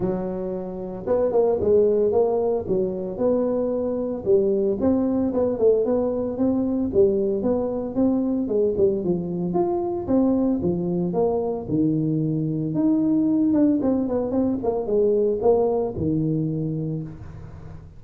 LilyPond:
\new Staff \with { instrumentName = "tuba" } { \time 4/4 \tempo 4 = 113 fis2 b8 ais8 gis4 | ais4 fis4 b2 | g4 c'4 b8 a8 b4 | c'4 g4 b4 c'4 |
gis8 g8 f4 f'4 c'4 | f4 ais4 dis2 | dis'4. d'8 c'8 b8 c'8 ais8 | gis4 ais4 dis2 | }